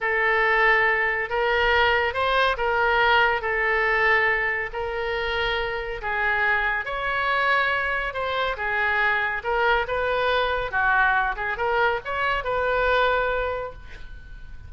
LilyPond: \new Staff \with { instrumentName = "oboe" } { \time 4/4 \tempo 4 = 140 a'2. ais'4~ | ais'4 c''4 ais'2 | a'2. ais'4~ | ais'2 gis'2 |
cis''2. c''4 | gis'2 ais'4 b'4~ | b'4 fis'4. gis'8 ais'4 | cis''4 b'2. | }